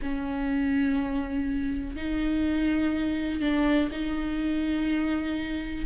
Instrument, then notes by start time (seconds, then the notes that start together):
viola
0.02 C#4
1.95 D#4
3.41 D4
3.91 D#4